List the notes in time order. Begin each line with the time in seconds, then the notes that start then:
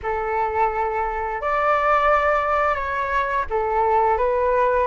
0.03 A4
1.41 D5
2.75 C#5
3.49 A4
4.17 B4